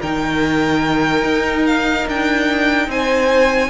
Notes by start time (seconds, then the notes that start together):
0.00 D#3 D#4 A#4 G5
1.24 D#4
1.66 F5
2.08 D4 G5
2.87 C4 C5 G#5